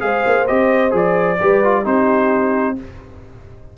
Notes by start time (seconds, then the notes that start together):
0.00 G#3 G#4 C5 F5
0.27 A#3
0.47 C4 G4 D#5
0.91 F3 G#4 D5
1.41 G3 G4 B4
1.64 F4
1.84 C4 D#4 G4 C5